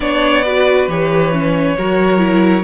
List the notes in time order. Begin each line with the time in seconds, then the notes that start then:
0.00 B3 D4 C#5 D5
0.44 F#4 B4
0.87 E3 G4 C#5
1.32 C#4
1.77 F#3 F#4 A#4
2.17 E4